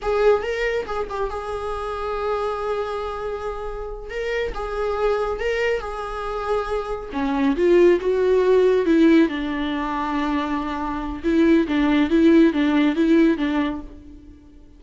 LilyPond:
\new Staff \with { instrumentName = "viola" } { \time 4/4 \tempo 4 = 139 gis'4 ais'4 gis'8 g'8 gis'4~ | gis'1~ | gis'4. ais'4 gis'4.~ | gis'8 ais'4 gis'2~ gis'8~ |
gis'8 cis'4 f'4 fis'4.~ | fis'8 e'4 d'2~ d'8~ | d'2 e'4 d'4 | e'4 d'4 e'4 d'4 | }